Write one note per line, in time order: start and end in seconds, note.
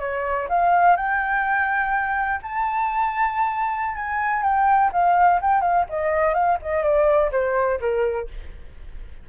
0.00 0.48 C#5
0.49 0.97 F5
0.97 2.41 G5
2.43 3.96 A5
3.96 4.43 G#5
4.43 4.91 G5
4.93 5.41 F5
5.42 5.62 G5
5.62 5.86 F5
5.89 6.34 D#5
6.34 6.58 F5
6.62 6.83 D#5
6.83 7.31 D5
7.32 7.80 C5
7.80 8.28 A#4